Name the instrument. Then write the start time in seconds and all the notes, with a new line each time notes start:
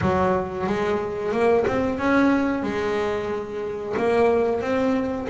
double bass
0.01 F#3
0.66 G#3
1.32 A#3
1.67 C4
1.98 C#4
2.63 G#3
3.97 A#3
4.61 C4